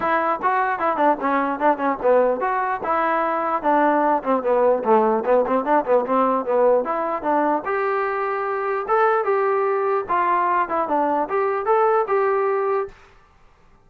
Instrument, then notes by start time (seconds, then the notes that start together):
trombone
0.00 E4
0.42 F#4
0.79 E4
0.97 D4
1.20 C#4
1.59 D4
1.77 C#4
2.02 B3
2.40 F#4
2.83 E4
3.62 D4
4.23 C4
4.42 B3
4.83 A3
5.25 B3
5.46 C4
5.64 D4
5.85 B3
6.05 C4
6.45 B3
6.84 E4
7.22 D4
7.65 G4
8.88 A4
9.24 G4
10.08 F4
10.69 E4
10.88 D4
11.28 G4
11.65 A4
12.07 G4